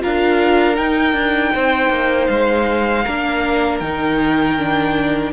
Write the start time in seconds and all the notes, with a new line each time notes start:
0.00 D4 F4 A#4 F5
0.75 D#4 G5
1.12 D4
1.53 C4 C5
1.89 A#3
2.26 G#3 F5
3.04 A#3 D4 A#4
3.79 D#3 D#4 G5
4.58 D4